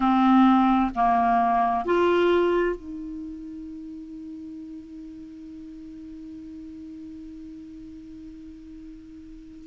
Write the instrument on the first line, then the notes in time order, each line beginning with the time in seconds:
clarinet
0.00 C4
0.95 A#3
1.85 F4
2.76 D#4